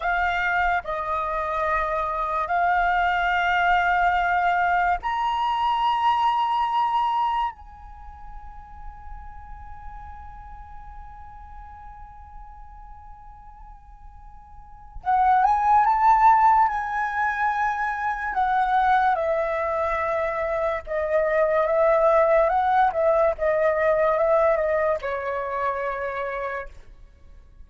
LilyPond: \new Staff \with { instrumentName = "flute" } { \time 4/4 \tempo 4 = 72 f''4 dis''2 f''4~ | f''2 ais''2~ | ais''4 gis''2.~ | gis''1~ |
gis''2 fis''8 gis''8 a''4 | gis''2 fis''4 e''4~ | e''4 dis''4 e''4 fis''8 e''8 | dis''4 e''8 dis''8 cis''2 | }